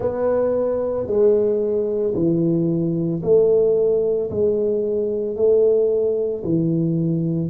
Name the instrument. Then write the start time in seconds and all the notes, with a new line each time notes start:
tuba
0.00 B3
1.06 G#3
2.14 E3
3.22 A3
4.30 G#3
5.36 A3
6.43 E3